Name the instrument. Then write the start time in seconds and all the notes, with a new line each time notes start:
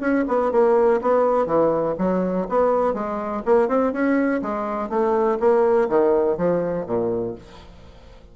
bassoon
0.00 C#4
0.28 B3
0.52 A#3
1.01 B3
1.46 E3
1.98 F#3
2.49 B3
2.94 G#3
3.45 A#3
3.68 C4
3.92 C#4
4.42 G#3
4.89 A3
5.40 A#3
5.89 D#3
6.37 F3
6.86 A#2